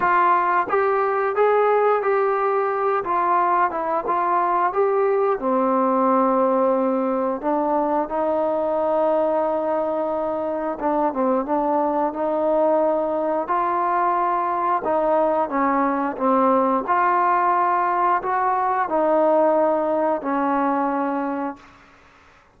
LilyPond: \new Staff \with { instrumentName = "trombone" } { \time 4/4 \tempo 4 = 89 f'4 g'4 gis'4 g'4~ | g'8 f'4 e'8 f'4 g'4 | c'2. d'4 | dis'1 |
d'8 c'8 d'4 dis'2 | f'2 dis'4 cis'4 | c'4 f'2 fis'4 | dis'2 cis'2 | }